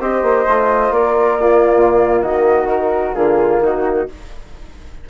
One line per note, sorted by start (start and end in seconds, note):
0.00 0.23 C4
0.00 0.47 G4
0.00 0.94 C5
0.00 0.93 D#5
0.23 0.46 A#3
0.47 0.90 A3
0.47 1.41 F4
0.90 1.72 A#3
0.90 1.42 A#4
0.90 2.21 D5
1.41 2.66 A#3
1.41 2.23 F4
1.76 2.22 A#2
2.21 3.15 D#3
2.21 3.16 F#4
2.21 2.68 D#5
2.66 3.13 D#4
2.66 3.15 A#4
3.15 3.59 D3
3.15 4.09 A#3
3.15 3.62 F4
3.15 3.61 G#4
3.59 4.06 D#3
3.59 4.10 D#4
3.59 4.09 F#4